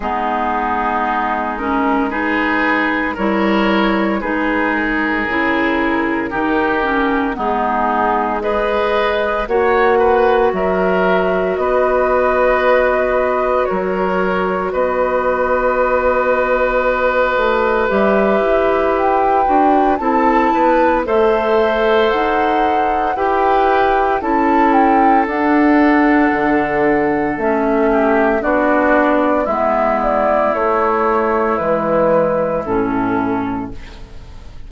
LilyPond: <<
  \new Staff \with { instrumentName = "flute" } { \time 4/4 \tempo 4 = 57 gis'4. ais'8 b'4 cis''4 | b'8 ais'2~ ais'8 gis'4 | dis''4 fis''4 e''4 dis''4~ | dis''4 cis''4 dis''2~ |
dis''4 e''4 g''4 a''4 | e''4 fis''4 g''4 a''8 g''8 | fis''2 e''4 d''4 | e''8 d''8 cis''4 b'4 a'4 | }
  \new Staff \with { instrumentName = "oboe" } { \time 4/4 dis'2 gis'4 ais'4 | gis'2 g'4 dis'4 | b'4 cis''8 b'8 ais'4 b'4~ | b'4 ais'4 b'2~ |
b'2. a'8 b'8 | c''2 b'4 a'4~ | a'2~ a'8 g'8 fis'4 | e'1 | }
  \new Staff \with { instrumentName = "clarinet" } { \time 4/4 b4. cis'8 dis'4 e'4 | dis'4 e'4 dis'8 cis'8 b4 | gis'4 fis'2.~ | fis'1~ |
fis'4 g'4. fis'8 e'4 | a'2 g'4 e'4 | d'2 cis'4 d'4 | b4 a4 gis4 cis'4 | }
  \new Staff \with { instrumentName = "bassoon" } { \time 4/4 gis2. g4 | gis4 cis4 dis4 gis4~ | gis4 ais4 fis4 b4~ | b4 fis4 b2~ |
b8 a8 g8 e'4 d'8 c'8 b8 | a4 dis'4 e'4 cis'4 | d'4 d4 a4 b4 | gis4 a4 e4 a,4 | }
>>